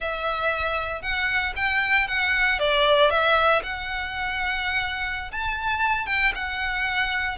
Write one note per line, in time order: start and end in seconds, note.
0.00 1.01 E5
1.01 1.53 F#5
1.56 2.07 G5
2.07 2.59 F#5
2.59 3.10 D5
3.10 3.62 E5
3.63 5.31 F#5
5.31 6.06 A5
6.06 6.32 G5
6.34 7.38 F#5